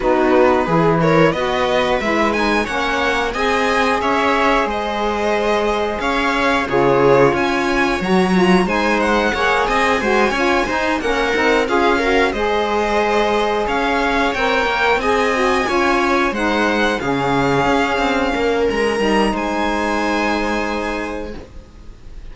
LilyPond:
<<
  \new Staff \with { instrumentName = "violin" } { \time 4/4 \tempo 4 = 90 b'4. cis''8 dis''4 e''8 gis''8 | fis''4 gis''4 e''4 dis''4~ | dis''4 f''4 cis''4 gis''4 | ais''4 gis''8 fis''4 gis''4.~ |
gis''8 fis''4 f''4 dis''4.~ | dis''8 f''4 g''4 gis''4.~ | gis''8 fis''4 f''2~ f''8 | ais''4 gis''2. | }
  \new Staff \with { instrumentName = "viola" } { \time 4/4 fis'4 gis'8 ais'8 b'2 | cis''4 dis''4 cis''4 c''4~ | c''4 cis''4 gis'4 cis''4~ | cis''4 c''4 cis''8 dis''8 c''8 cis''8 |
c''8 ais'4 gis'8 ais'8 c''4.~ | c''8 cis''2 dis''4 cis''8~ | cis''8 c''4 gis'2 ais'8~ | ais'4 c''2. | }
  \new Staff \with { instrumentName = "saxophone" } { \time 4/4 dis'4 e'4 fis'4 e'8 dis'8 | cis'4 gis'2.~ | gis'2 f'2 | fis'8 f'8 dis'4 gis'4 fis'8 f'8 |
dis'8 cis'8 dis'8 f'8 fis'8 gis'4.~ | gis'4. ais'4 gis'8 fis'8 f'8~ | f'8 dis'4 cis'2~ cis'8~ | cis'8 dis'2.~ dis'8 | }
  \new Staff \with { instrumentName = "cello" } { \time 4/4 b4 e4 b4 gis4 | ais4 c'4 cis'4 gis4~ | gis4 cis'4 cis4 cis'4 | fis4 gis4 ais8 c'8 gis8 cis'8 |
dis'8 ais8 c'8 cis'4 gis4.~ | gis8 cis'4 c'8 ais8 c'4 cis'8~ | cis'8 gis4 cis4 cis'8 c'8 ais8 | gis8 g8 gis2. | }
>>